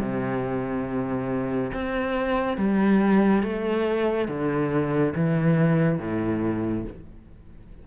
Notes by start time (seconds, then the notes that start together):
0.00 C3
1.73 C4
2.58 G3
3.43 A3
4.28 D3
5.15 E3
5.99 A2